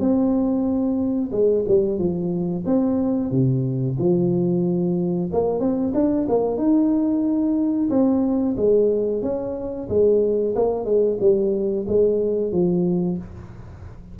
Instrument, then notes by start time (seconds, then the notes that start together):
tuba
0.00 C4
1.32 G#3
1.68 G3
1.99 F3
2.66 C4
3.31 C3
3.99 F3
5.33 A#3
5.60 C4
5.95 D4
6.29 A#3
6.58 D#4
7.90 C4
8.57 G#3
9.22 C#4
9.89 G#3
10.56 A#3
10.85 G#3
11.21 G3
11.88 G#3
12.52 F3